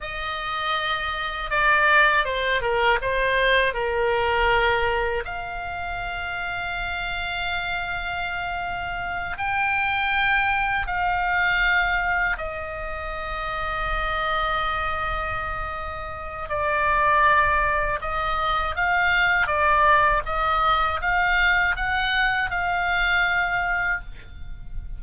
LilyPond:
\new Staff \with { instrumentName = "oboe" } { \time 4/4 \tempo 4 = 80 dis''2 d''4 c''8 ais'8 | c''4 ais'2 f''4~ | f''1~ | f''8 g''2 f''4.~ |
f''8 dis''2.~ dis''8~ | dis''2 d''2 | dis''4 f''4 d''4 dis''4 | f''4 fis''4 f''2 | }